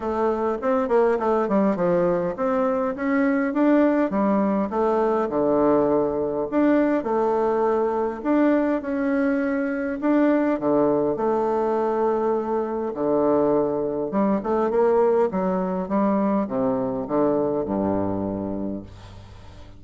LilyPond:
\new Staff \with { instrumentName = "bassoon" } { \time 4/4 \tempo 4 = 102 a4 c'8 ais8 a8 g8 f4 | c'4 cis'4 d'4 g4 | a4 d2 d'4 | a2 d'4 cis'4~ |
cis'4 d'4 d4 a4~ | a2 d2 | g8 a8 ais4 fis4 g4 | c4 d4 g,2 | }